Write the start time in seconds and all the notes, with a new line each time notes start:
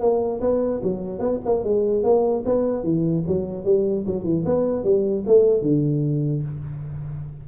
0.00 A#3
0.40 B3
0.83 F#3
1.19 B3
1.45 A#3
1.64 G#3
2.03 A#3
2.45 B3
2.84 E3
3.27 F#3
3.65 G3
4.07 F#3
4.24 E3
4.45 B3
4.84 G3
5.26 A3
5.62 D3